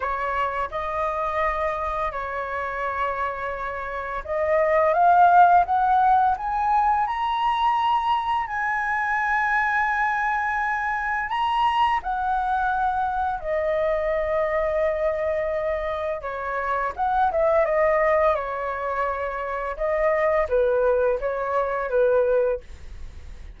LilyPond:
\new Staff \with { instrumentName = "flute" } { \time 4/4 \tempo 4 = 85 cis''4 dis''2 cis''4~ | cis''2 dis''4 f''4 | fis''4 gis''4 ais''2 | gis''1 |
ais''4 fis''2 dis''4~ | dis''2. cis''4 | fis''8 e''8 dis''4 cis''2 | dis''4 b'4 cis''4 b'4 | }